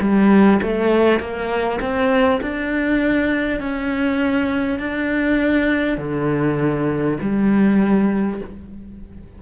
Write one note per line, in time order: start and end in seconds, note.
0.00 0.60 G3
0.62 1.20 A3
1.20 1.80 A#3
1.81 2.41 C4
2.41 3.60 D4
3.60 4.79 C#4
4.79 5.97 D4
5.97 7.17 D3
7.21 8.41 G3